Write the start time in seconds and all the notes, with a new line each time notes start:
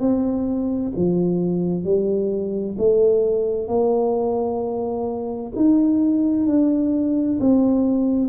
0.00 C4
0.97 F3
1.84 G3
2.79 A3
3.68 A#3
5.56 D#4
6.47 D4
7.40 C4